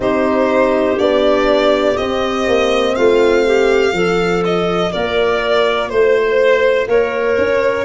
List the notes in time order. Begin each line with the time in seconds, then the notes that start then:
0.00 C4 D#4 G4 C5
0.98 B3 D4 D5
1.97 C4 D#5
2.47 A#3
2.95 A3 F4 F5
3.45 G4
3.92 F3 F4 A4
4.44 D#5
4.91 A#3 A#4 D5
5.89 A3 C5
6.87 A#3 A#4 C#5
7.38 C#4